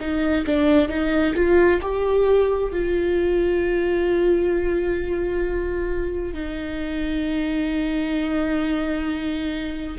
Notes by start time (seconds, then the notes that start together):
0.00 D#4
0.46 D4
0.89 D#4
1.35 F4
1.82 G4
2.72 F4
6.34 D#4